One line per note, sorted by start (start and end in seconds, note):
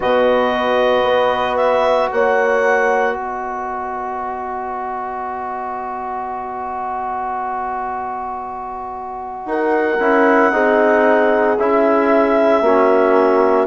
0.00 1.03 B2
0.00 9.99 F#4
0.00 2.09 B4
0.00 1.56 D#5
1.03 2.08 B3
1.56 2.09 E5
2.11 3.16 A#3
2.11 3.16 C#5
2.11 3.16 F#5
3.16 9.45 B3
3.16 9.48 B4
3.16 9.48 D#5
9.45 9.97 D#4
9.45 10.53 A#4
9.45 11.58 F#5
9.99 10.52 C#4
9.99 10.52 E4
10.52 11.57 C4
10.52 11.58 D#4
10.52 12.63 G#4
11.57 12.61 C#4
11.57 12.64 E4
11.57 13.67 E5
12.61 13.66 A#3
12.61 13.67 C#4
12.61 13.67 F#4